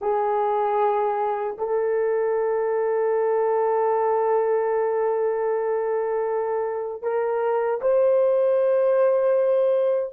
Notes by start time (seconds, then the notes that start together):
0.01 G#4
1.58 A4
7.02 A#4
7.81 C5